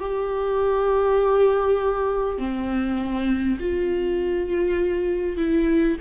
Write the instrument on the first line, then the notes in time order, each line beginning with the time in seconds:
viola
0.00 G4
2.38 C4
3.59 F4
5.37 E4